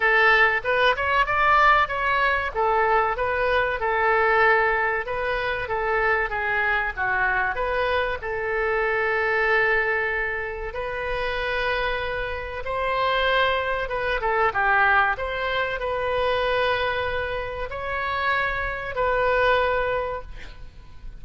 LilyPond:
\new Staff \with { instrumentName = "oboe" } { \time 4/4 \tempo 4 = 95 a'4 b'8 cis''8 d''4 cis''4 | a'4 b'4 a'2 | b'4 a'4 gis'4 fis'4 | b'4 a'2.~ |
a'4 b'2. | c''2 b'8 a'8 g'4 | c''4 b'2. | cis''2 b'2 | }